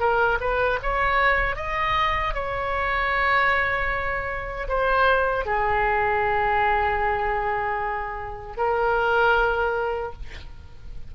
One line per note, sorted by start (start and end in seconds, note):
0.00 0.39 A#4
0.41 0.80 B4
0.83 1.57 C#5
1.57 2.34 D#5
2.34 4.68 C#5
4.69 5.46 C5
5.46 8.57 G#4
8.57 10.13 A#4